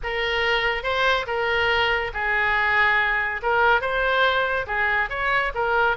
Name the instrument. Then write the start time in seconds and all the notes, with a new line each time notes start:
oboe
0.03 A#4
0.83 C5
1.26 A#4
2.13 G#4
3.42 A#4
3.81 C5
4.67 G#4
5.09 C#5
5.54 A#4